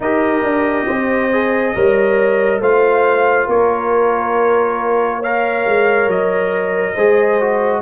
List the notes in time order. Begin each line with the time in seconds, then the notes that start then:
0.00 D#4 G4 A#4 D#5
0.43 D4
0.86 C4 C5
1.32 G#4
1.74 G3 A#4 C#5
2.60 A3 F4 C5 F5
3.46 A#3 A#4 C#5
5.19 A#4 C#5 F5
5.66 G#3
6.07 F#3 D#5
6.94 G#3 G#4 C5
7.40 F#4